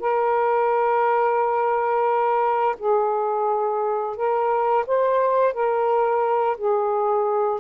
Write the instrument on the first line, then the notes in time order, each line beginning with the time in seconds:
saxophone
0.00 A#4
2.78 G#4
4.16 A#4
4.87 C5
5.53 A#4
6.57 G#4